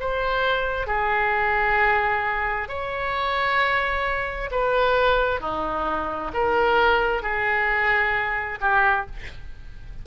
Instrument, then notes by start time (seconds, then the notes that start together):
oboe
0.00 C5
0.87 G#4
2.69 C#5
4.51 B4
5.41 D#4
6.34 A#4
7.23 G#4
8.61 G4